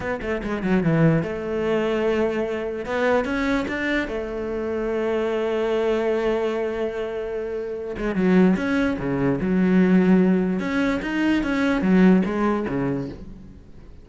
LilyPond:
\new Staff \with { instrumentName = "cello" } { \time 4/4 \tempo 4 = 147 b8 a8 gis8 fis8 e4 a4~ | a2. b4 | cis'4 d'4 a2~ | a1~ |
a2.~ a8 gis8 | fis4 cis'4 cis4 fis4~ | fis2 cis'4 dis'4 | cis'4 fis4 gis4 cis4 | }